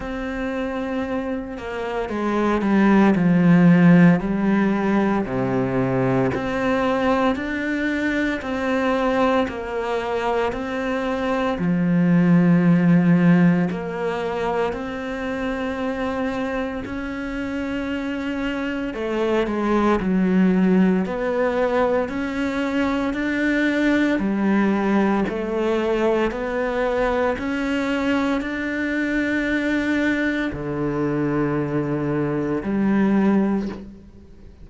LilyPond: \new Staff \with { instrumentName = "cello" } { \time 4/4 \tempo 4 = 57 c'4. ais8 gis8 g8 f4 | g4 c4 c'4 d'4 | c'4 ais4 c'4 f4~ | f4 ais4 c'2 |
cis'2 a8 gis8 fis4 | b4 cis'4 d'4 g4 | a4 b4 cis'4 d'4~ | d'4 d2 g4 | }